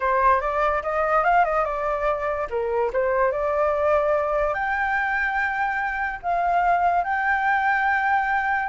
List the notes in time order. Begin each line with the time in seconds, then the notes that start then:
0.00 C5
0.40 D5
0.82 D#5
1.24 F5
1.45 D#5
1.65 D5
2.49 A#4
2.92 C5
3.31 D5
4.54 G5
6.22 F5
7.03 G5